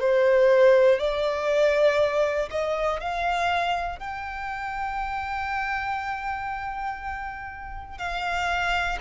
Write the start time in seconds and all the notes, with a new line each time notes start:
0.00 C5
0.99 D5
2.50 D#5
3.00 F5
3.99 G5
7.98 F5